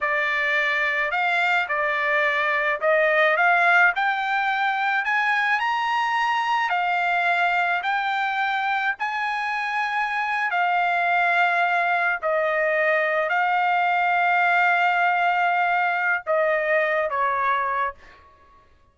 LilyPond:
\new Staff \with { instrumentName = "trumpet" } { \time 4/4 \tempo 4 = 107 d''2 f''4 d''4~ | d''4 dis''4 f''4 g''4~ | g''4 gis''4 ais''2 | f''2 g''2 |
gis''2~ gis''8. f''4~ f''16~ | f''4.~ f''16 dis''2 f''16~ | f''1~ | f''4 dis''4. cis''4. | }